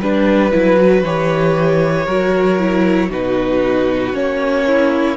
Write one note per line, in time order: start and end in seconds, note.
0.00 0.52 G3
0.00 0.51 D4
0.00 2.05 B4
0.00 1.04 B4
0.51 1.03 F#3
0.51 0.77 E4
0.77 1.03 F#4
1.03 2.06 E3
1.03 2.08 G4
1.03 3.11 C#5
2.05 3.10 F#3
2.05 2.58 F#4
2.05 3.09 A#4
2.58 3.10 E4
3.09 4.12 B2
3.09 4.13 D#4
3.09 4.64 F#4
3.09 4.15 B4
4.12 5.16 A#3
4.12 5.16 C#4
4.12 5.17 C#5
4.66 5.17 E4